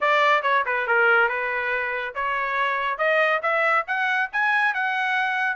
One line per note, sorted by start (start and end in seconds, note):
0.00 0.42 D5
0.42 0.64 C#5
0.65 0.87 B4
0.87 1.28 A#4
1.28 2.14 B4
2.14 2.97 C#5
2.97 3.40 D#5
3.42 3.85 E5
3.87 4.30 F#5
4.32 4.74 G#5
4.74 5.56 F#5